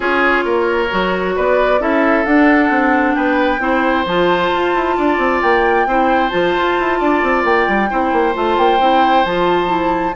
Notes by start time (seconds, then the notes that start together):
0.00 C#4 F4 G#4 C#5
0.44 A#3 A#4
0.90 F#3 F#4
1.35 B3 B4 D5
1.79 C#4 E4 A4 E5
2.25 D4 F#5
2.70 C4
3.14 B3 B4 G5
3.59 C4 E4 C5
4.05 F3 F4 A5
4.54 F4
4.74 E4
4.96 D4 D5
5.17 C4
5.42 A#3 G5
5.86 C4 E4 C5
6.29 F3 F4 A5
6.57 F4
6.79 E4
6.99 D4 D5
7.22 C4
7.44 A#3 G5
7.67 G3
7.89 C4 E4 C5
8.12 A#3
8.33 A3 F4 A5
8.57 A#3 G5
8.79 C4 E4
9.25 F3 F4 A5
9.66 E4